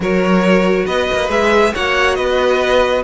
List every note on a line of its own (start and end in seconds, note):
0.00 0.84 F#3
0.00 1.29 F#4
0.00 0.85 A#4
0.00 0.86 C#5
0.85 1.09 B3
0.85 1.72 B4
0.85 1.29 D#5
1.12 1.29 A#3
1.29 1.72 G#3
1.29 1.73 G#4
1.29 1.74 E5
1.74 2.18 A#3
1.74 3.03 F#4
1.74 2.16 C#5
1.74 2.15 F#5
2.15 3.03 B3
2.15 3.03 B4
2.15 3.02 D#5